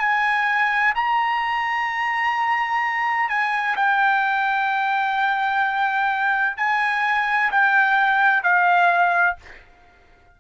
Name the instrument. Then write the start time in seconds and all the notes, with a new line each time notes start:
trumpet
0.00 G#5
0.95 A#5
3.29 G#5
3.77 G5
6.58 G#5
7.52 G5
8.43 F5